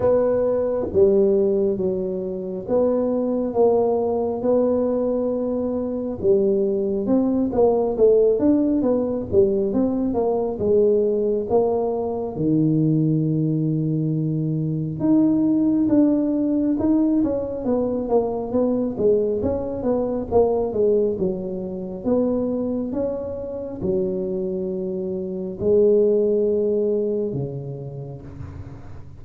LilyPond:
\new Staff \with { instrumentName = "tuba" } { \time 4/4 \tempo 4 = 68 b4 g4 fis4 b4 | ais4 b2 g4 | c'8 ais8 a8 d'8 b8 g8 c'8 ais8 | gis4 ais4 dis2~ |
dis4 dis'4 d'4 dis'8 cis'8 | b8 ais8 b8 gis8 cis'8 b8 ais8 gis8 | fis4 b4 cis'4 fis4~ | fis4 gis2 cis4 | }